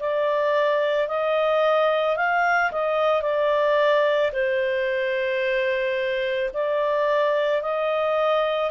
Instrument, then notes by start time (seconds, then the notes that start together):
clarinet
0.00 D5
1.08 D#5
2.17 F5
2.72 D#5
3.22 D5
4.32 C5
6.54 D5
7.62 D#5